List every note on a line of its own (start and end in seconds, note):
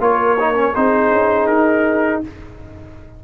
0.00 0.74 A#3
0.00 0.38 F4
0.00 0.76 A#4
0.00 0.76 C#5
0.40 0.55 D#4
0.55 0.73 C#4
0.76 1.12 C4
0.76 2.24 D#4
0.76 2.24 G#4
0.76 1.47 C5
1.12 1.48 C#4
1.47 2.22 D#4
1.47 2.21 A#4